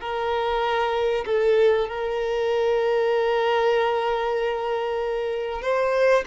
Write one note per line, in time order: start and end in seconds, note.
0.00 1.25 A#4
1.26 1.88 A4
1.89 5.62 A#4
5.62 6.24 C5